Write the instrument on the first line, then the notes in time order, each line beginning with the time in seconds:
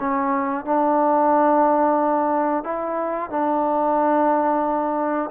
trombone
0.00 C#4
0.65 D4
2.64 E4
3.30 D4